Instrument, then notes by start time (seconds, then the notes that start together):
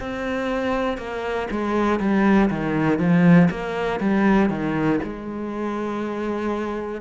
cello
0.00 C4
0.98 A#3
1.50 G#3
2.00 G3
2.50 D#3
2.99 F3
3.50 A#3
4.00 G3
4.50 D#3
5.03 G#3